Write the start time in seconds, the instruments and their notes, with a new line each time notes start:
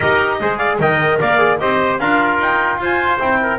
0.00 double bass D#4, trombone G4, trumpet A#4, clarinet D#5
0.40 double bass G#3, trombone G#4, trumpet C5
0.58 trumpet D5, clarinet F5
0.79 double bass D#3, trombone A#4, trumpet D#5, clarinet G5
1.20 double bass A#3, trumpet D5, clarinet F5
1.37 trombone G#4
1.58 double bass C4, trombone G4, trumpet C5, clarinet D#5
1.99 double bass D4, trombone F4, trumpet A#4, clarinet F5
2.38 double bass D#4, clarinet G5
2.78 double bass F4, trumpet C5, clarinet G#5
3.19 double bass C4, trombone E4, clarinet G5
3.42 trumpet A#4